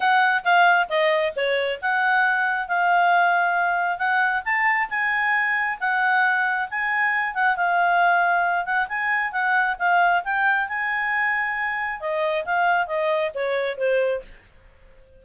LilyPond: \new Staff \with { instrumentName = "clarinet" } { \time 4/4 \tempo 4 = 135 fis''4 f''4 dis''4 cis''4 | fis''2 f''2~ | f''4 fis''4 a''4 gis''4~ | gis''4 fis''2 gis''4~ |
gis''8 fis''8 f''2~ f''8 fis''8 | gis''4 fis''4 f''4 g''4 | gis''2. dis''4 | f''4 dis''4 cis''4 c''4 | }